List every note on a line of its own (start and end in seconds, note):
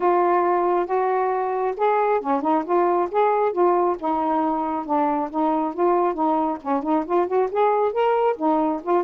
0.00 0.86 F4
0.86 1.74 F#4
1.76 2.20 G#4
2.20 2.41 C#4
2.41 2.64 D#4
2.64 3.08 F4
3.11 3.52 G#4
3.52 3.96 F4
3.99 4.85 D#4
4.85 5.29 D4
5.30 5.74 D#4
5.74 6.14 F4
6.14 6.58 D#4
6.62 6.83 C#4
6.83 7.05 D#4
7.05 7.27 F4
7.27 7.49 F#4
7.51 7.92 G#4
7.92 8.36 A#4
8.36 8.81 D#4
8.82 9.04 F4